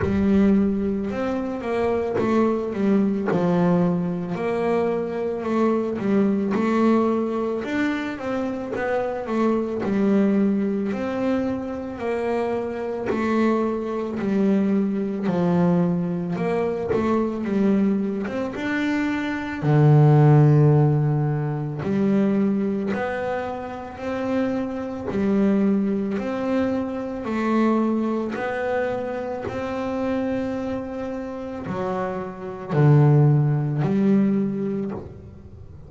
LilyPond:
\new Staff \with { instrumentName = "double bass" } { \time 4/4 \tempo 4 = 55 g4 c'8 ais8 a8 g8 f4 | ais4 a8 g8 a4 d'8 c'8 | b8 a8 g4 c'4 ais4 | a4 g4 f4 ais8 a8 |
g8. c'16 d'4 d2 | g4 b4 c'4 g4 | c'4 a4 b4 c'4~ | c'4 fis4 d4 g4 | }